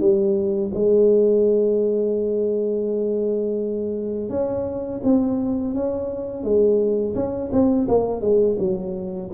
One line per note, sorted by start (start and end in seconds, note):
0.00 0.71 G3
0.74 4.30 G#3
4.30 5.01 C#4
5.04 5.74 C4
5.74 6.44 C#4
6.44 7.15 G#3
7.15 7.51 C#4
7.52 7.88 C4
7.89 8.21 A#3
8.21 8.57 G#3
8.59 9.31 F#3